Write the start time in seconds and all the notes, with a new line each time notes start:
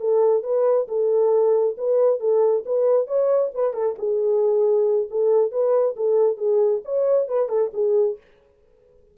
0.00 A4
0.43 B4
0.88 A4
1.77 B4
2.20 A4
2.65 B4
3.07 C#5
3.54 B4
3.73 A4
3.98 G#4
5.10 A4
5.51 B4
5.96 A4
6.37 G#4
6.85 C#5
7.28 B4
7.49 A4
7.73 G#4